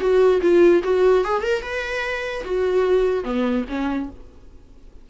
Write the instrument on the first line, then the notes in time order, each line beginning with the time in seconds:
viola
0.00 F#4
0.42 F4
0.84 F#4
1.24 G#4
1.42 A#4
1.62 B4
2.44 F#4
3.24 B3
3.69 C#4